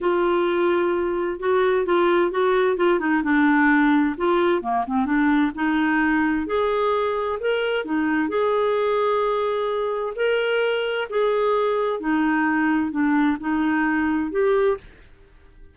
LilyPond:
\new Staff \with { instrumentName = "clarinet" } { \time 4/4 \tempo 4 = 130 f'2. fis'4 | f'4 fis'4 f'8 dis'8 d'4~ | d'4 f'4 ais8 c'8 d'4 | dis'2 gis'2 |
ais'4 dis'4 gis'2~ | gis'2 ais'2 | gis'2 dis'2 | d'4 dis'2 g'4 | }